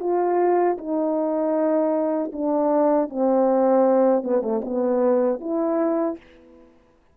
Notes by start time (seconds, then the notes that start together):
0.00 F4
0.78 D#4
2.33 D4
3.10 C4
4.24 B3
4.42 A3
4.65 B3
5.40 E4